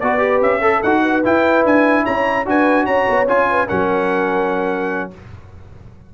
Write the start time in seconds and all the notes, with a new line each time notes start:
0.00 B3 F#4 B4 D5
0.19 G4
0.42 C#4 E5
0.61 A4
0.83 D#4 F#4 F#5
1.02 B4
1.25 E4 G5
1.65 D4 G#5
2.04 C#4 C#5 A#5
2.46 D4 F#4 B4 G#5
2.85 C#4 C#5 A#5
3.09 B3
3.28 C#4 F4 G#5
3.50 B4
3.68 F#3 C#4 A#4 F#5